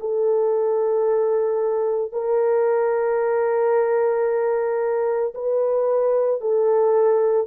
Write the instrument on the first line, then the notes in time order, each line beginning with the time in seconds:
horn
0.00 A4
2.12 A#4
5.34 B4
6.40 A4